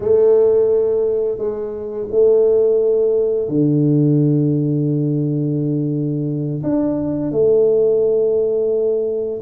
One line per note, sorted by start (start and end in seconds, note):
0.00 1.38 A3
1.38 2.07 G#3
2.11 3.48 A3
3.48 6.62 D3
6.63 7.31 D4
7.31 9.40 A3